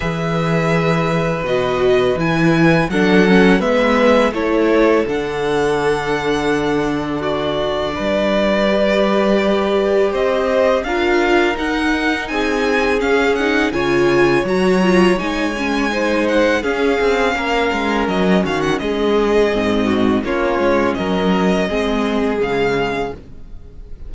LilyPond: <<
  \new Staff \with { instrumentName = "violin" } { \time 4/4 \tempo 4 = 83 e''2 dis''4 gis''4 | fis''4 e''4 cis''4 fis''4~ | fis''2 d''2~ | d''2 dis''4 f''4 |
fis''4 gis''4 f''8 fis''8 gis''4 | ais''4 gis''4. fis''8 f''4~ | f''4 dis''8 f''16 fis''16 dis''2 | cis''4 dis''2 f''4 | }
  \new Staff \with { instrumentName = "violin" } { \time 4/4 b'1 | a'4 b'4 a'2~ | a'2 fis'4 b'4~ | b'2 c''4 ais'4~ |
ais'4 gis'2 cis''4~ | cis''2 c''4 gis'4 | ais'4. fis'8 gis'4. fis'8 | f'4 ais'4 gis'2 | }
  \new Staff \with { instrumentName = "viola" } { \time 4/4 gis'2 fis'4 e'4 | d'8 cis'8 b4 e'4 d'4~ | d'1 | g'2. f'4 |
dis'2 cis'8 dis'8 f'4 | fis'8 f'8 dis'8 cis'8 dis'4 cis'4~ | cis'2. c'4 | cis'2 c'4 gis4 | }
  \new Staff \with { instrumentName = "cello" } { \time 4/4 e2 b,4 e4 | fis4 gis4 a4 d4~ | d2. g4~ | g2 c'4 d'4 |
dis'4 c'4 cis'4 cis4 | fis4 gis2 cis'8 c'8 | ais8 gis8 fis8 dis8 gis4 gis,4 | ais8 gis8 fis4 gis4 cis4 | }
>>